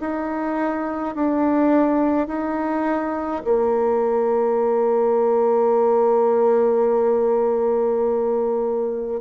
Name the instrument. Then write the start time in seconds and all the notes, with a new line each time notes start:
bassoon
0.00 D#4
1.15 D4
2.28 D#4
3.44 A#3